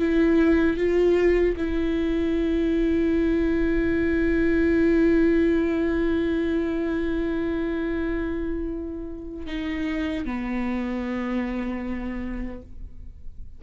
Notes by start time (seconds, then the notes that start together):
0.00 E4
0.78 F4
1.58 E4
9.47 D#4
10.26 B3